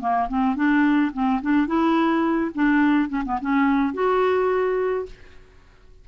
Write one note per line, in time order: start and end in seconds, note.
0.00 0.28 A#3
0.28 0.56 C4
0.56 1.11 D4
1.12 1.40 C4
1.41 1.67 D4
1.67 2.51 E4
2.54 3.09 D4
3.09 3.23 C#4
3.25 3.39 B3
3.41 3.93 C#4
3.93 5.05 F#4